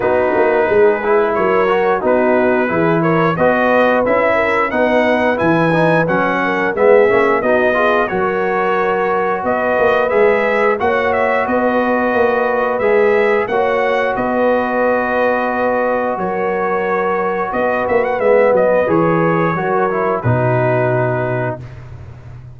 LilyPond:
<<
  \new Staff \with { instrumentName = "trumpet" } { \time 4/4 \tempo 4 = 89 b'2 cis''4 b'4~ | b'8 cis''8 dis''4 e''4 fis''4 | gis''4 fis''4 e''4 dis''4 | cis''2 dis''4 e''4 |
fis''8 e''8 dis''2 e''4 | fis''4 dis''2. | cis''2 dis''8 e''16 fis''16 e''8 dis''8 | cis''2 b'2 | }
  \new Staff \with { instrumentName = "horn" } { \time 4/4 fis'4 gis'4 ais'4 fis'4 | gis'8 ais'8 b'4. ais'8 b'4~ | b'4. ais'8 gis'4 fis'8 gis'8 | ais'2 b'2 |
cis''4 b'2. | cis''4 b'2. | ais'2 b'2~ | b'4 ais'4 fis'2 | }
  \new Staff \with { instrumentName = "trombone" } { \time 4/4 dis'4. e'4 fis'8 dis'4 | e'4 fis'4 e'4 dis'4 | e'8 dis'8 cis'4 b8 cis'8 dis'8 f'8 | fis'2. gis'4 |
fis'2. gis'4 | fis'1~ | fis'2. b4 | gis'4 fis'8 e'8 dis'2 | }
  \new Staff \with { instrumentName = "tuba" } { \time 4/4 b8 ais8 gis4 fis4 b4 | e4 b4 cis'4 b4 | e4 fis4 gis8 ais8 b4 | fis2 b8 ais8 gis4 |
ais4 b4 ais4 gis4 | ais4 b2. | fis2 b8 ais8 gis8 fis8 | e4 fis4 b,2 | }
>>